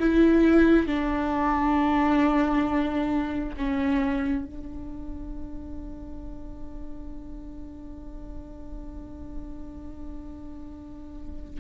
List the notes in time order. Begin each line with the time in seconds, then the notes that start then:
0.00 E4
0.87 D4
3.57 C#4
4.46 D4